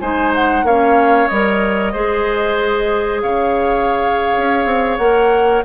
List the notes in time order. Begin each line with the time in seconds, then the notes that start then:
0.00 G#3 D#4 C5 G#5
0.34 F#5
0.63 A#3 C#4 C#5 F5
1.28 G3 A#4 D#5
1.92 G#3 G#4 C5
3.22 C#3 C#5 F5
4.37 C#4
4.65 C4
4.97 A#3 A#4 F#5